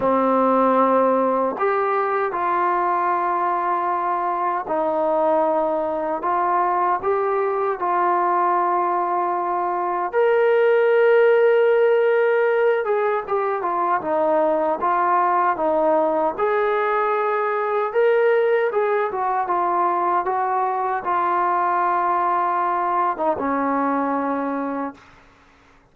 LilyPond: \new Staff \with { instrumentName = "trombone" } { \time 4/4 \tempo 4 = 77 c'2 g'4 f'4~ | f'2 dis'2 | f'4 g'4 f'2~ | f'4 ais'2.~ |
ais'8 gis'8 g'8 f'8 dis'4 f'4 | dis'4 gis'2 ais'4 | gis'8 fis'8 f'4 fis'4 f'4~ | f'4.~ f'16 dis'16 cis'2 | }